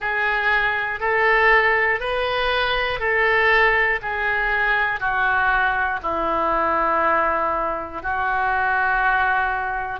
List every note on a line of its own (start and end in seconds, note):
0.00 1.00 G#4
1.00 2.00 A4
2.00 3.00 B4
3.00 4.00 A4
4.01 5.00 G#4
5.00 6.00 F#4
6.02 8.02 E4
8.02 10.00 F#4